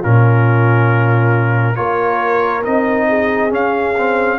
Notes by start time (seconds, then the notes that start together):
0.00 A#2 C#4 F4 A#4
1.75 A#3 F4 A#4 C#5
2.63 C4 D#4 D#5
3.08 G#4
3.49 C#4 F5
3.97 C4